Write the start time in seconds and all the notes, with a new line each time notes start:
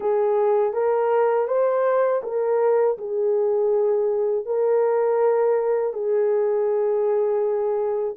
0.00 G#4
0.73 A#4
1.47 C5
2.23 A#4
2.98 G#4
4.45 A#4
5.93 G#4